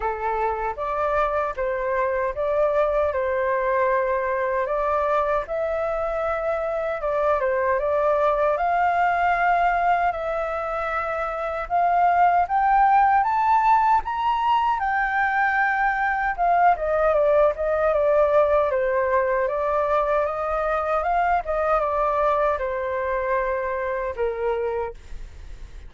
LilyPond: \new Staff \with { instrumentName = "flute" } { \time 4/4 \tempo 4 = 77 a'4 d''4 c''4 d''4 | c''2 d''4 e''4~ | e''4 d''8 c''8 d''4 f''4~ | f''4 e''2 f''4 |
g''4 a''4 ais''4 g''4~ | g''4 f''8 dis''8 d''8 dis''8 d''4 | c''4 d''4 dis''4 f''8 dis''8 | d''4 c''2 ais'4 | }